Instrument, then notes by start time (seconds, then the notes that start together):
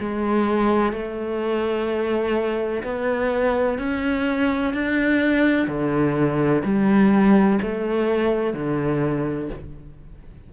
cello
0.00 G#3
0.93 A3
2.84 B3
3.79 C#4
4.74 D4
5.68 D3
6.64 G3
7.62 A3
8.54 D3